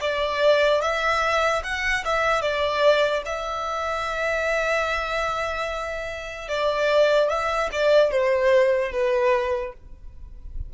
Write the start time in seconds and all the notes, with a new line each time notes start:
0.00 D5
0.81 E5
1.63 F#5
2.05 E5
2.41 D5
3.25 E5
6.48 D5
7.29 E5
7.71 D5
8.11 C5
8.92 B4